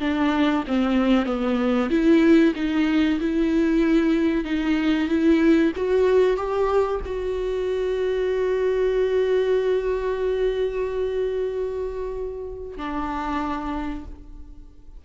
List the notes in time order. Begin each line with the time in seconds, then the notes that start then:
0.00 D4
0.67 C4
1.26 B3
1.90 E4
2.55 D#4
3.20 E4
4.44 D#4
5.08 E4
5.76 F#4
6.37 G4
7.05 F#4
12.77 D4